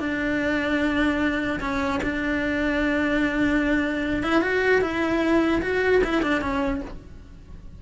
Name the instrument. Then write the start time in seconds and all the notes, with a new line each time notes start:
cello
0.00 D4
1.61 C#4
2.03 D4
4.23 E4
4.42 F#4
4.82 E4
5.62 F#4
6.04 E4
6.23 D4
6.42 C#4